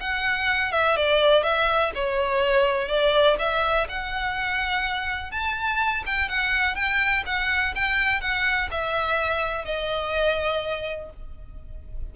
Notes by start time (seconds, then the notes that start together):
0.00 F#5
0.72 E5
0.96 D5
1.43 E5
1.95 C#5
2.88 D5
3.39 E5
3.89 F#5
5.31 A5
6.06 G5
6.29 F#5
6.75 G5
7.26 F#5
7.76 G5
8.21 F#5
8.71 E5
9.65 D#5